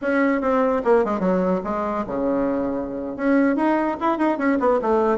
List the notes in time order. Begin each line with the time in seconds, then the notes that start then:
0.01 C#4
0.41 C4
0.84 A#3
1.04 G#3
1.19 F#3
1.63 G#3
2.06 C#3
3.16 C#4
3.56 D#4
4.00 E4
4.18 D#4
4.38 C#4
4.59 B3
4.81 A3